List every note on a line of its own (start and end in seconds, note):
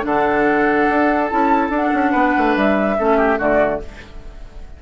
0.00 0.88 D3
0.00 1.26 D4
0.00 2.11 A4
0.00 1.27 F#5
0.89 1.31 D4
1.27 1.69 C#4
1.27 1.71 E4
1.27 1.69 A5
1.69 1.90 D4
1.69 2.98 D4
1.75 2.56 F#5
1.94 2.13 C#4
2.11 2.34 B3
2.11 2.95 B4
2.37 2.56 A3
2.56 2.98 G3
2.56 3.40 E5
2.98 3.39 A3
2.98 3.38 C#4
2.98 3.17 A4
3.17 3.38 G4
3.38 3.81 D3
3.38 3.80 A3
3.38 3.80 F#4
3.38 3.82 D5